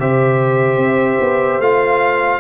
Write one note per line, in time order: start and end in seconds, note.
0.00 0.78 C3
0.00 1.62 G4
0.00 2.40 C5
0.00 1.61 E5
0.78 1.18 C4
1.20 1.59 B3
1.59 2.40 A3
1.59 2.40 F4
1.59 2.40 F5